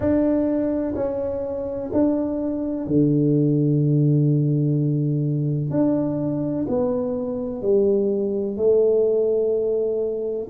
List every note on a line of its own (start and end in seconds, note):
0.00 0.94 D4
0.95 1.90 C#4
1.92 2.86 D4
2.86 5.70 D3
5.70 6.65 D4
6.68 7.62 B3
7.62 8.57 G3
8.57 10.47 A3